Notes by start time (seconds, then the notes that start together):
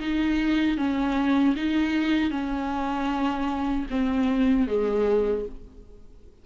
0.00 D#4
0.78 C#4
1.56 D#4
2.31 C#4
3.90 C4
4.68 G#3